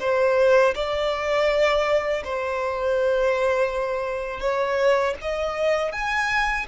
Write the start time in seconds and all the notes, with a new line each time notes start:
0.00 C5
0.75 D5
2.24 C5
4.40 C#5
5.22 D#5
5.92 G#5